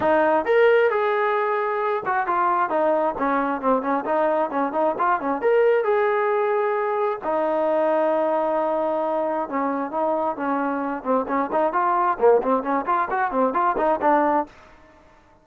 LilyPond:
\new Staff \with { instrumentName = "trombone" } { \time 4/4 \tempo 4 = 133 dis'4 ais'4 gis'2~ | gis'8 fis'8 f'4 dis'4 cis'4 | c'8 cis'8 dis'4 cis'8 dis'8 f'8 cis'8 | ais'4 gis'2. |
dis'1~ | dis'4 cis'4 dis'4 cis'4~ | cis'8 c'8 cis'8 dis'8 f'4 ais8 c'8 | cis'8 f'8 fis'8 c'8 f'8 dis'8 d'4 | }